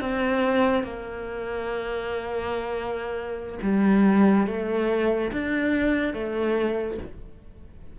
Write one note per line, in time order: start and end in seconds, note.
0.00 0.83 C4
0.83 3.58 A#3
3.62 4.46 G3
4.47 5.31 A3
5.32 6.13 D4
6.13 6.98 A3